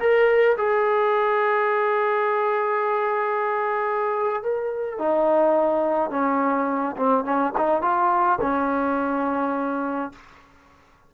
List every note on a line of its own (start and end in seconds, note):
0.00 0.57 A#4
0.58 4.43 G#4
4.43 4.99 A#4
4.99 6.11 D#4
6.11 6.96 C#4
6.97 7.25 C4
7.25 7.54 C#4
7.58 7.82 D#4
7.82 8.39 F4
8.41 10.13 C#4